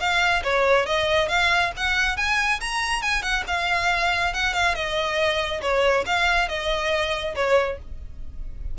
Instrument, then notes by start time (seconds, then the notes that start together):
violin
0.00 F5
0.44 C#5
0.86 D#5
1.29 F5
1.77 F#5
2.17 G#5
2.61 A#5
3.02 G#5
3.23 F#5
3.48 F5
4.34 F#5
4.54 F5
4.75 D#5
5.62 C#5
6.06 F5
6.49 D#5
7.35 C#5